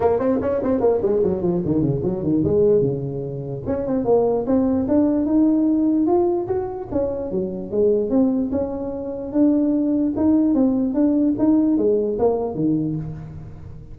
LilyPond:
\new Staff \with { instrumentName = "tuba" } { \time 4/4 \tempo 4 = 148 ais8 c'8 cis'8 c'8 ais8 gis8 fis8 f8 | dis8 cis8 fis8 dis8 gis4 cis4~ | cis4 cis'8 c'8 ais4 c'4 | d'4 dis'2 f'4 |
fis'4 cis'4 fis4 gis4 | c'4 cis'2 d'4~ | d'4 dis'4 c'4 d'4 | dis'4 gis4 ais4 dis4 | }